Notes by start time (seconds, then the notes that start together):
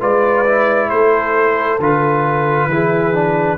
0.00 G#3 F4 B4 D5
0.46 E4
0.90 A3 A4 C5
1.80 D3 F4 B4
2.67 E3 E4 G#4
3.14 D4